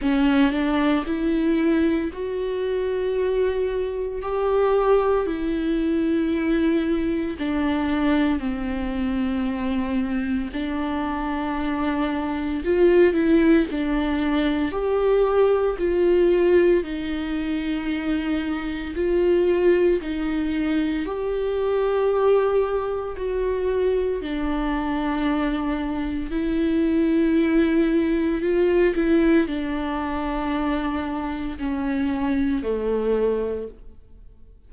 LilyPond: \new Staff \with { instrumentName = "viola" } { \time 4/4 \tempo 4 = 57 cis'8 d'8 e'4 fis'2 | g'4 e'2 d'4 | c'2 d'2 | f'8 e'8 d'4 g'4 f'4 |
dis'2 f'4 dis'4 | g'2 fis'4 d'4~ | d'4 e'2 f'8 e'8 | d'2 cis'4 a4 | }